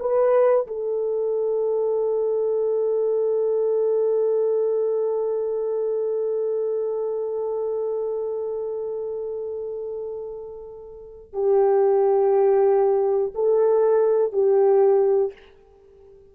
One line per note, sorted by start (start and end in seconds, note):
0.00 0.67 B4
0.67 11.33 A4
11.33 13.33 G4
13.35 14.33 A4
14.33 15.33 G4